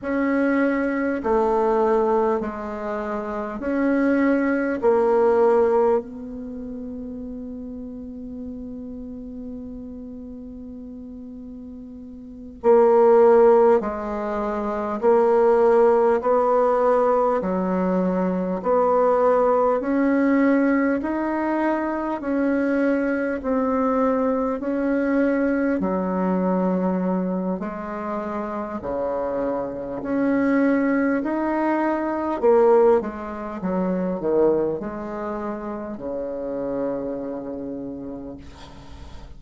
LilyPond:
\new Staff \with { instrumentName = "bassoon" } { \time 4/4 \tempo 4 = 50 cis'4 a4 gis4 cis'4 | ais4 b2.~ | b2~ b8 ais4 gis8~ | gis8 ais4 b4 fis4 b8~ |
b8 cis'4 dis'4 cis'4 c'8~ | c'8 cis'4 fis4. gis4 | cis4 cis'4 dis'4 ais8 gis8 | fis8 dis8 gis4 cis2 | }